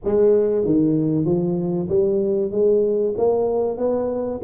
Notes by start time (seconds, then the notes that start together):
0.04 G#3
0.65 D#3
1.25 F3
1.88 G3
2.51 G#3
3.17 A#3
3.77 B3